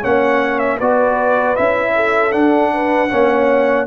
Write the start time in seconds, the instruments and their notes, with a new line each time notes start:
0.00 tuba A#3, trombone C#4, horn C#5, trumpet F#5
0.59 trumpet E5
0.77 tuba B3, trombone F#4, horn B4, trumpet D5
1.56 tuba C#4, trombone E4, trumpet E5
1.96 horn A4
2.32 trombone D4, tuba D4, trumpet F#5
2.74 horn B4
3.10 tuba A#3, trombone C#4, horn C#5